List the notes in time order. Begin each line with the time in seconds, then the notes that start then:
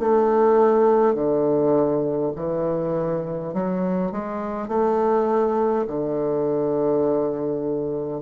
0.00 A3
1.14 D3
2.36 E3
3.54 F#3
4.12 G#3
4.68 A3
5.88 D3